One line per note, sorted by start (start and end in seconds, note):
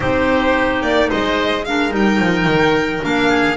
0.00 0.82 C4
0.00 1.62 D#4
0.00 1.09 G4
0.00 0.82 C5
0.82 1.09 A#3
0.82 1.09 D5
1.09 1.93 G#3
1.09 1.64 C5
1.09 1.64 D#5
1.64 1.90 D4
1.64 3.29 A#4
1.64 1.92 F5
1.90 2.18 G3
1.90 3.00 D#4
1.90 3.04 G5
2.18 2.46 F3
2.46 3.01 D#3
3.01 3.56 A#3
3.01 3.56 D4
3.01 3.56 F5
3.29 3.56 G#4